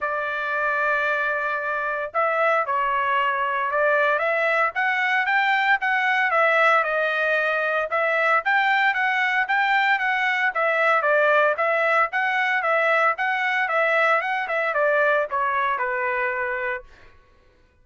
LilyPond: \new Staff \with { instrumentName = "trumpet" } { \time 4/4 \tempo 4 = 114 d''1 | e''4 cis''2 d''4 | e''4 fis''4 g''4 fis''4 | e''4 dis''2 e''4 |
g''4 fis''4 g''4 fis''4 | e''4 d''4 e''4 fis''4 | e''4 fis''4 e''4 fis''8 e''8 | d''4 cis''4 b'2 | }